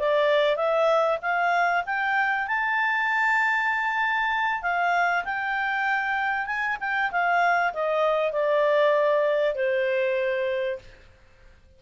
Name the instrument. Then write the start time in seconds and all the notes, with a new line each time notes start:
clarinet
0.00 D5
0.57 E5
1.22 F5
1.86 G5
2.48 A5
4.63 F5
5.25 G5
6.46 G#5
6.81 G5
7.12 F5
7.74 D#5
8.33 D5
9.55 C5